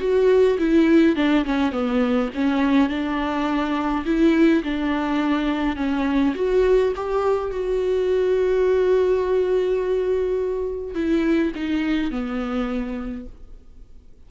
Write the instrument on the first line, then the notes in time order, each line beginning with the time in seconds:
viola
0.00 F#4
0.58 E4
1.16 D4
1.45 C#4
1.72 B3
2.34 C#4
2.89 D4
4.05 E4
4.64 D4
5.76 C#4
6.35 F#4
6.96 G4
7.51 F#4
10.94 E4
11.55 D#4
12.11 B3